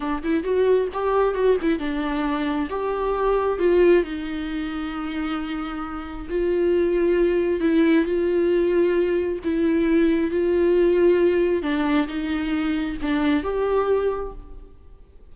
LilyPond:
\new Staff \with { instrumentName = "viola" } { \time 4/4 \tempo 4 = 134 d'8 e'8 fis'4 g'4 fis'8 e'8 | d'2 g'2 | f'4 dis'2.~ | dis'2 f'2~ |
f'4 e'4 f'2~ | f'4 e'2 f'4~ | f'2 d'4 dis'4~ | dis'4 d'4 g'2 | }